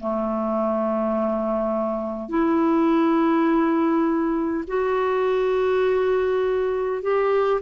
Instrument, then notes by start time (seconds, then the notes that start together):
clarinet
0.00 A3
2.29 E4
4.67 F#4
7.03 G4